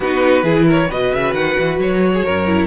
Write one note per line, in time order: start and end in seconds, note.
0.00 0.42 B3
0.00 0.43 D#4
0.00 0.43 F#4
0.00 0.68 B4
0.42 0.87 E3
0.42 0.88 E4
0.42 0.66 G#4
0.67 0.88 A#4
0.67 0.91 C#5
0.88 1.12 B2
0.88 2.47 F#4
0.88 2.11 B4
0.88 1.13 D#5
1.12 1.34 C#3
1.12 1.33 E5
1.33 1.56 D#3
1.33 1.78 F#5
1.59 1.78 E3
1.78 2.23 F#3
1.78 2.66 C#5
2.13 2.24 G#4
2.24 2.66 F#2
2.24 2.66 A#4
2.47 2.66 E4